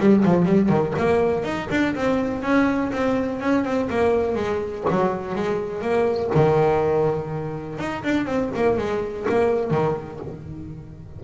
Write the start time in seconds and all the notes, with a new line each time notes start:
0.00 G3
0.25 F3
0.45 G3
0.70 D#3
0.98 A#3
1.44 D#4
1.71 D4
1.96 C4
2.43 C#4
2.93 C4
3.41 C#4
3.65 C4
3.90 A#3
4.35 G#3
4.91 F#3
5.36 G#3
5.82 A#3
6.35 D#3
7.79 D#4
8.04 D4
8.26 C4
8.55 A#3
8.78 G#3
9.30 A#3
9.71 D#3